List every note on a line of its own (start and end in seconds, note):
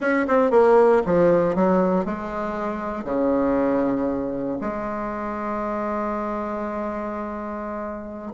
0.00 0.26 C#4
0.27 0.51 C4
0.51 1.02 A#3
1.05 1.55 F3
1.55 2.05 F#3
2.05 3.04 G#3
3.04 4.58 C#3
4.61 8.32 G#3